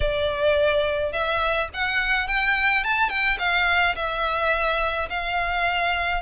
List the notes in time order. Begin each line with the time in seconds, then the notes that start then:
0.00 D5
1.12 E5
1.73 F#5
2.27 G5
2.84 A5
3.09 G5
3.38 F5
3.95 E5
5.09 F5